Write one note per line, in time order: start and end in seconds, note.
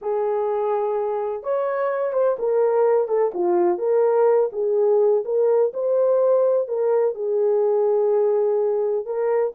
0.01 1.43 G#4
1.43 2.13 C#5
2.13 2.36 C5
2.39 3.07 A#4
3.07 3.31 A4
3.34 3.78 F4
3.78 4.50 A#4
4.52 5.24 G#4
5.24 5.72 A#4
5.73 6.68 C5
6.68 7.15 A#4
7.15 9.05 G#4
9.05 9.53 A#4